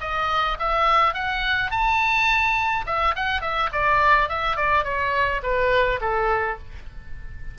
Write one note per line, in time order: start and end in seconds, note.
0.00 0.57 D#5
0.59 1.14 E5
1.14 1.71 F#5
1.71 2.85 A5
2.86 3.15 E5
3.15 3.41 F#5
3.41 3.69 E5
3.72 4.29 D5
4.29 4.56 E5
4.56 4.84 D5
4.84 5.41 C#5
5.43 6.00 B4
6.00 6.57 A4